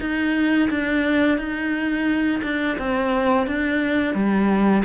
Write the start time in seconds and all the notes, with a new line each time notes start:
0.00 D#4
0.70 D4
1.38 D#4
2.43 D4
2.78 C4
3.46 D4
4.14 G3